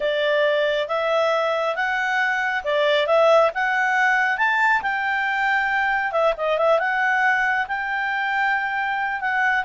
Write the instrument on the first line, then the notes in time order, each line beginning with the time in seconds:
clarinet
0.00 D5
0.88 E5
1.75 F#5
2.64 D5
3.07 E5
3.54 F#5
4.37 A5
4.82 G5
6.12 E5
6.37 D#5
6.58 E5
6.79 F#5
7.67 G5
9.20 F#5